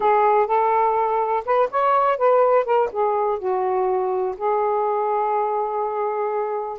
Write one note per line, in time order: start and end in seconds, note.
0.00 0.46 G#4
0.46 1.43 A4
1.45 1.69 B4
1.70 2.17 C#5
2.17 2.65 B4
2.65 2.89 A#4
2.92 3.38 G#4
3.38 4.35 F#4
4.37 6.79 G#4